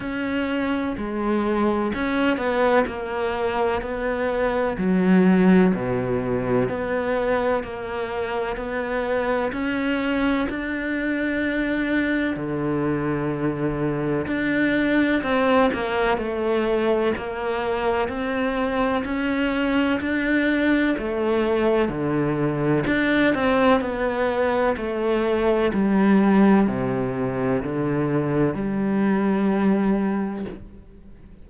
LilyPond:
\new Staff \with { instrumentName = "cello" } { \time 4/4 \tempo 4 = 63 cis'4 gis4 cis'8 b8 ais4 | b4 fis4 b,4 b4 | ais4 b4 cis'4 d'4~ | d'4 d2 d'4 |
c'8 ais8 a4 ais4 c'4 | cis'4 d'4 a4 d4 | d'8 c'8 b4 a4 g4 | c4 d4 g2 | }